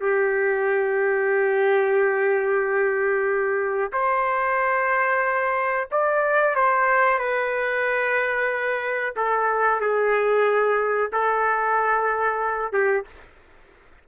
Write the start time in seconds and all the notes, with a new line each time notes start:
0.00 G4
3.92 C5
5.91 D5
6.55 C5
7.18 B4
9.16 A4
9.80 G#4
11.12 A4
12.72 G4